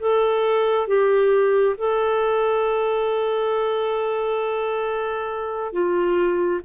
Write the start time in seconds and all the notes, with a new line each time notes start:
0.00 A4
0.87 G4
1.78 A4
5.73 F4